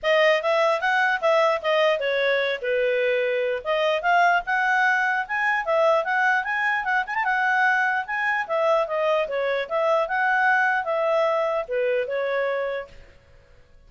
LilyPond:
\new Staff \with { instrumentName = "clarinet" } { \time 4/4 \tempo 4 = 149 dis''4 e''4 fis''4 e''4 | dis''4 cis''4. b'4.~ | b'4 dis''4 f''4 fis''4~ | fis''4 gis''4 e''4 fis''4 |
gis''4 fis''8 gis''16 a''16 fis''2 | gis''4 e''4 dis''4 cis''4 | e''4 fis''2 e''4~ | e''4 b'4 cis''2 | }